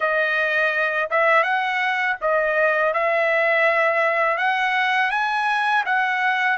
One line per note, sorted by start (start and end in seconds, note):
0.00 1.09 D#5
1.10 1.43 E5
1.43 2.16 F#5
2.21 2.93 D#5
2.93 4.37 E5
4.37 5.10 F#5
5.11 5.84 G#5
5.85 6.57 F#5